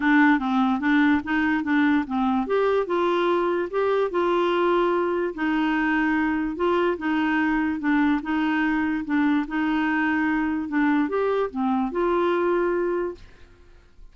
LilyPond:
\new Staff \with { instrumentName = "clarinet" } { \time 4/4 \tempo 4 = 146 d'4 c'4 d'4 dis'4 | d'4 c'4 g'4 f'4~ | f'4 g'4 f'2~ | f'4 dis'2. |
f'4 dis'2 d'4 | dis'2 d'4 dis'4~ | dis'2 d'4 g'4 | c'4 f'2. | }